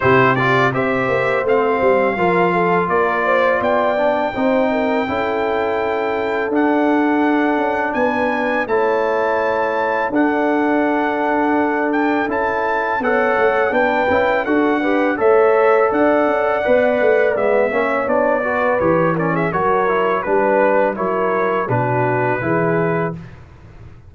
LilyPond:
<<
  \new Staff \with { instrumentName = "trumpet" } { \time 4/4 \tempo 4 = 83 c''8 d''8 e''4 f''2 | d''4 g''2.~ | g''4 fis''2 gis''4 | a''2 fis''2~ |
fis''8 g''8 a''4 fis''4 g''4 | fis''4 e''4 fis''2 | e''4 d''4 cis''8 d''16 e''16 cis''4 | b'4 cis''4 b'2 | }
  \new Staff \with { instrumentName = "horn" } { \time 4/4 g'4 c''2 ais'8 a'8 | ais'8 c''8 d''4 c''8 ais'8 a'4~ | a'2. b'4 | cis''2 a'2~ |
a'2 cis''4 b'4 | a'8 b'8 cis''4 d''2~ | d''8 cis''4 b'4 ais'16 gis'16 ais'4 | b'4 ais'4 fis'4 gis'4 | }
  \new Staff \with { instrumentName = "trombone" } { \time 4/4 e'8 f'8 g'4 c'4 f'4~ | f'4. d'8 dis'4 e'4~ | e'4 d'2. | e'2 d'2~ |
d'4 e'4 a'4 d'8 e'8 | fis'8 g'8 a'2 b'4 | b8 cis'8 d'8 fis'8 g'8 cis'8 fis'8 e'8 | d'4 e'4 d'4 e'4 | }
  \new Staff \with { instrumentName = "tuba" } { \time 4/4 c4 c'8 ais8 a8 g8 f4 | ais4 b4 c'4 cis'4~ | cis'4 d'4. cis'8 b4 | a2 d'2~ |
d'4 cis'4 b8 a8 b8 cis'8 | d'4 a4 d'8 cis'8 b8 a8 | gis8 ais8 b4 e4 fis4 | g4 fis4 b,4 e4 | }
>>